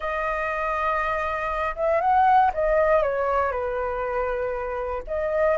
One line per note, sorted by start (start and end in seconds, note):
0.00 1.75 D#5
1.75 2.01 E5
2.01 2.51 F#5
2.53 3.02 D#5
3.02 3.51 C#5
3.51 5.03 B4
5.07 5.57 D#5